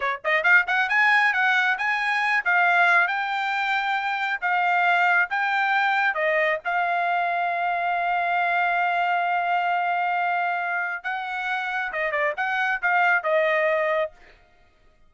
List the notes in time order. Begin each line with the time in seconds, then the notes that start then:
0.00 C#5
0.24 D#5
0.43 F5
0.67 F#5
0.89 G#5
1.33 F#5
1.78 G#5
2.44 F5
3.07 G5
4.41 F5
5.30 G5
6.14 D#5
6.64 F5
11.03 F#5
11.92 D#5
12.11 D5
12.36 F#5
12.82 F5
13.23 D#5